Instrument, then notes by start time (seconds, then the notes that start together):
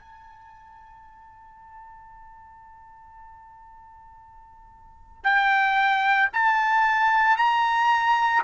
trumpet
0.00 A5
5.24 G5
6.33 A5
7.37 A#5